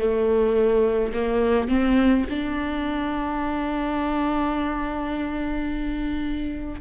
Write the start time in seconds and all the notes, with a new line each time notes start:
0.00 A3
1.14 A#3
1.69 C4
2.30 D4